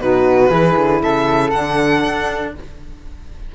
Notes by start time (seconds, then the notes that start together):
0.00 B2 D#4 F#4 B4
0.49 E3 E4 G#4
0.77 D3
1.03 C#3 A4 E5
1.51 D3 D4 F#5
2.04 D4